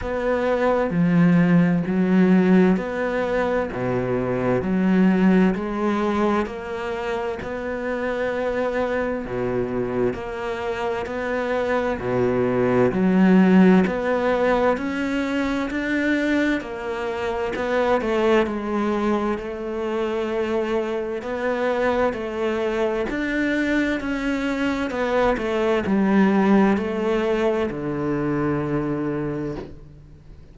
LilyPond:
\new Staff \with { instrumentName = "cello" } { \time 4/4 \tempo 4 = 65 b4 f4 fis4 b4 | b,4 fis4 gis4 ais4 | b2 b,4 ais4 | b4 b,4 fis4 b4 |
cis'4 d'4 ais4 b8 a8 | gis4 a2 b4 | a4 d'4 cis'4 b8 a8 | g4 a4 d2 | }